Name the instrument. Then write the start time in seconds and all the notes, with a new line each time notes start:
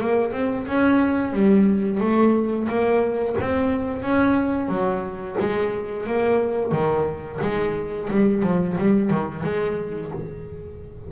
double bass
0.00 A#3
0.32 C4
0.67 C#4
1.32 G3
2.00 A3
2.68 A#3
3.40 C4
4.02 C#4
4.68 F#3
5.39 G#3
6.06 A#3
6.71 D#3
7.41 G#3
8.10 G3
8.42 F3
8.77 G3
9.10 D#3
9.44 G#3